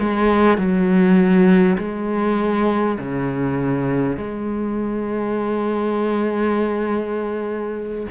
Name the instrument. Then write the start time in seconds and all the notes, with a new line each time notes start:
cello
0.00 G#3
0.58 F#3
1.78 G#3
2.99 C#3
4.17 G#3